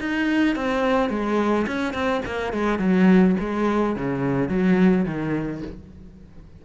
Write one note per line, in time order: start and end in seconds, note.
0.00 0.56 D#4
0.56 1.10 C4
1.10 1.66 G#3
1.67 1.93 C#4
1.93 2.22 C4
2.26 2.53 A#3
2.53 2.79 G#3
2.79 3.36 F#3
3.39 3.96 G#3
3.96 4.49 C#3
4.49 5.05 F#3
5.05 5.62 D#3